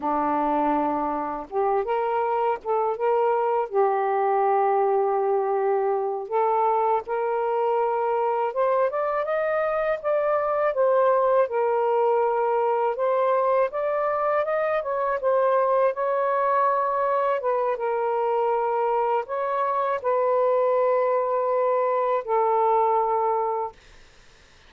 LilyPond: \new Staff \with { instrumentName = "saxophone" } { \time 4/4 \tempo 4 = 81 d'2 g'8 ais'4 a'8 | ais'4 g'2.~ | g'8 a'4 ais'2 c''8 | d''8 dis''4 d''4 c''4 ais'8~ |
ais'4. c''4 d''4 dis''8 | cis''8 c''4 cis''2 b'8 | ais'2 cis''4 b'4~ | b'2 a'2 | }